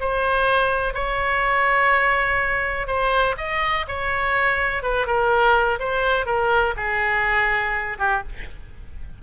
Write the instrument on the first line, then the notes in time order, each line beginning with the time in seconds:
oboe
0.00 C5
0.93 C#5
2.87 C5
3.37 D#5
3.87 C#5
4.82 B4
5.06 A#4
5.79 C5
6.25 A#4
6.76 G#4
7.98 G4